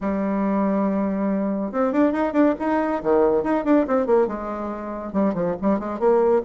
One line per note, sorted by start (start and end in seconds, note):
0.01 1.71 G3
1.71 1.92 C4
1.92 2.12 D4
2.12 2.33 D#4
2.33 2.54 D4
2.59 3.02 D#4
3.03 3.43 D#3
3.43 3.64 D#4
3.64 3.86 D4
3.87 4.06 C4
4.06 4.27 A#3
4.27 5.12 G#3
5.12 5.34 G3
5.34 5.55 F3
5.61 5.79 G3
5.79 5.99 G#3
5.99 6.42 A#3